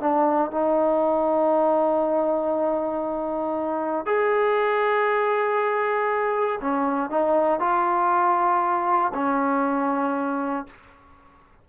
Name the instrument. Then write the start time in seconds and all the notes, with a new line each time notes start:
trombone
0.00 D4
0.51 D#4
4.05 G#4
6.61 C#4
7.10 D#4
7.59 F4
9.14 C#4